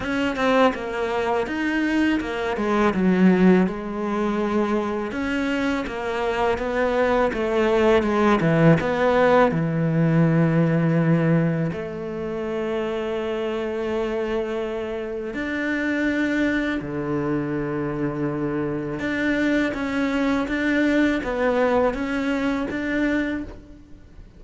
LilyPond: \new Staff \with { instrumentName = "cello" } { \time 4/4 \tempo 4 = 82 cis'8 c'8 ais4 dis'4 ais8 gis8 | fis4 gis2 cis'4 | ais4 b4 a4 gis8 e8 | b4 e2. |
a1~ | a4 d'2 d4~ | d2 d'4 cis'4 | d'4 b4 cis'4 d'4 | }